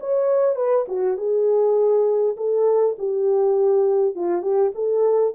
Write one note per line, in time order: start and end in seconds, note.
0.00 0.56 C#5
0.56 0.86 B4
0.88 1.17 F#4
1.17 2.36 G#4
2.37 2.96 A4
2.98 4.15 G4
4.15 4.42 F4
4.42 4.72 G4
4.75 5.34 A4